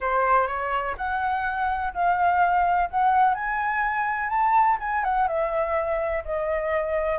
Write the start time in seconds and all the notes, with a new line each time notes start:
0.00 C5
0.47 C#5
0.97 F#5
1.93 F5
2.90 F#5
3.34 G#5
4.29 A5
4.80 G#5
5.04 F#5
5.27 E5
6.24 D#5